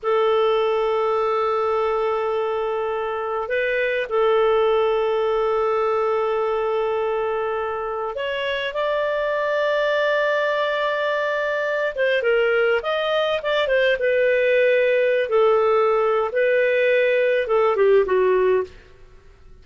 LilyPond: \new Staff \with { instrumentName = "clarinet" } { \time 4/4 \tempo 4 = 103 a'1~ | a'2 b'4 a'4~ | a'1~ | a'2 cis''4 d''4~ |
d''1~ | d''8 c''8 ais'4 dis''4 d''8 c''8 | b'2~ b'16 a'4.~ a'16 | b'2 a'8 g'8 fis'4 | }